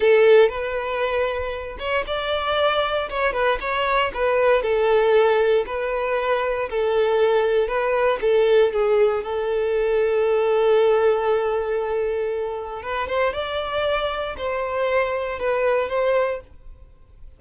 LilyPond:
\new Staff \with { instrumentName = "violin" } { \time 4/4 \tempo 4 = 117 a'4 b'2~ b'8 cis''8 | d''2 cis''8 b'8 cis''4 | b'4 a'2 b'4~ | b'4 a'2 b'4 |
a'4 gis'4 a'2~ | a'1~ | a'4 b'8 c''8 d''2 | c''2 b'4 c''4 | }